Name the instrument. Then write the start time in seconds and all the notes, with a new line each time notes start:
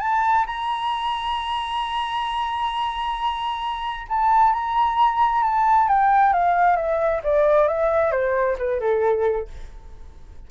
flute
0.00 A5
0.46 A#5
4.08 A5
4.53 A#5
5.43 A5
5.88 G5
6.33 F5
6.76 E5
7.23 D5
7.68 E5
8.12 C5
8.58 B4
8.80 A4